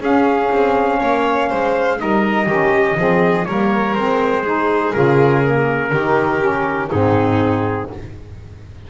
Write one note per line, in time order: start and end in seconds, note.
0.00 0.49 C#4
0.00 1.98 C#4
0.00 1.00 G#4
0.00 2.00 F5
0.52 1.01 C4
1.00 1.52 A#3
1.00 1.49 C#5
1.49 2.01 G#3
1.49 1.98 C5
1.98 2.46 G3
1.98 2.47 D#4
1.98 2.48 A#4
1.98 3.45 D#5
2.46 2.95 D#3
2.46 2.97 C#4
2.46 2.97 G4
2.97 3.46 F3
2.97 3.46 C4
2.97 3.48 G#4
3.45 3.95 G3
3.45 3.96 A#3
3.45 4.42 A#4
3.45 3.94 C#5
3.94 4.94 G#3
3.94 4.45 C4
3.94 4.92 C5
4.42 4.93 D#4
4.42 5.90 G#4
4.92 5.92 C#3
4.92 5.43 F4
4.92 6.89 A#4
5.43 5.92 A#3
5.92 6.91 D#3
5.92 6.40 D#4
5.92 6.90 G4
6.40 6.89 C#4
6.90 7.90 G#2
6.90 7.90 C4
6.90 7.88 D#4
6.90 7.90 G#4